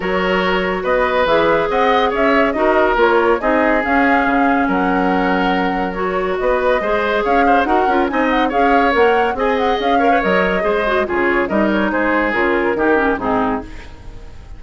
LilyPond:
<<
  \new Staff \with { instrumentName = "flute" } { \time 4/4 \tempo 4 = 141 cis''2 dis''4 e''4 | fis''4 e''4 dis''4 cis''4 | dis''4 f''2 fis''4~ | fis''2 cis''4 dis''4~ |
dis''4 f''4 fis''4 gis''8 fis''8 | f''4 fis''4 gis''8 fis''8 f''4 | dis''2 cis''4 dis''8 cis''8 | c''4 ais'2 gis'4 | }
  \new Staff \with { instrumentName = "oboe" } { \time 4/4 ais'2 b'2 | dis''4 cis''4 ais'2 | gis'2. ais'4~ | ais'2. b'4 |
c''4 cis''8 c''8 ais'4 dis''4 | cis''2 dis''4. cis''8~ | cis''4 c''4 gis'4 ais'4 | gis'2 g'4 dis'4 | }
  \new Staff \with { instrumentName = "clarinet" } { \time 4/4 fis'2. gis'4~ | gis'2 fis'4 f'4 | dis'4 cis'2.~ | cis'2 fis'2 |
gis'2 fis'8 f'8 dis'4 | gis'4 ais'4 gis'4. ais'16 b'16 | ais'4 gis'8 fis'8 f'4 dis'4~ | dis'4 f'4 dis'8 cis'8 c'4 | }
  \new Staff \with { instrumentName = "bassoon" } { \time 4/4 fis2 b4 e4 | c'4 cis'4 dis'4 ais4 | c'4 cis'4 cis4 fis4~ | fis2. b4 |
gis4 cis'4 dis'8 cis'8 c'4 | cis'4 ais4 c'4 cis'4 | fis4 gis4 cis4 g4 | gis4 cis4 dis4 gis,4 | }
>>